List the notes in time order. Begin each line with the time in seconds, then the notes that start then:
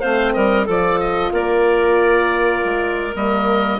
0.00 A3 C4 C5 F5
0.33 G3 A#4 D#5
0.65 F3 F4 A4 D5
1.00 D#5
1.32 A#3 A#4 D5
2.65 G#3
3.15 G3 A#3 D#5